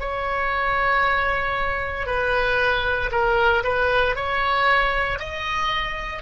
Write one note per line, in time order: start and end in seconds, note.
0.00 2.06 C#5
2.06 3.10 B4
3.11 3.63 A#4
3.63 4.15 B4
4.15 5.19 C#5
5.19 6.22 D#5